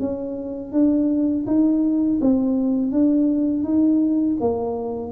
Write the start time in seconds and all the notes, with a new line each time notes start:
0.00 C#4
0.73 D4
1.47 D#4
2.21 C4
2.92 D4
3.64 D#4
4.40 A#3